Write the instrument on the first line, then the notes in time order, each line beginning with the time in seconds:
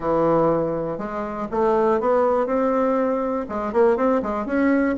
bassoon
0.00 E3
0.98 G#3
1.51 A3
2.00 B3
2.46 C4
3.48 G#3
3.72 A#3
3.96 C4
4.22 G#3
4.46 C#4